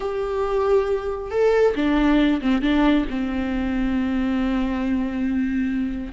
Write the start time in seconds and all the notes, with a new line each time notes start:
0.00 G4
1.30 A4
1.75 D4
2.41 C4
2.61 D4
3.10 C4